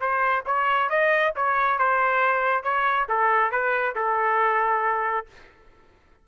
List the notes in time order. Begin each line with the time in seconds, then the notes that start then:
0.00 C5
0.46 C#5
0.89 D#5
1.35 C#5
1.78 C5
2.63 C#5
3.08 A4
3.51 B4
3.95 A4